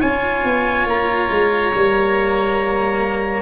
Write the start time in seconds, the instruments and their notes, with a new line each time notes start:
0.00 tuba C#4, cello F4, oboe C#5, trumpet G#5
0.44 tuba B3
0.86 tuba A#3, trumpet A#5
1.31 tuba G#3
1.74 tuba G3, cello A#3